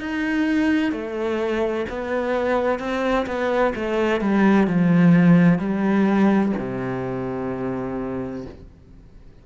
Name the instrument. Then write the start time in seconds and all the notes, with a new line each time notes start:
cello
0.00 D#4
0.92 A3
1.89 B3
2.80 C4
3.26 B3
3.75 A3
4.21 G3
4.67 F3
5.59 G3
6.58 C3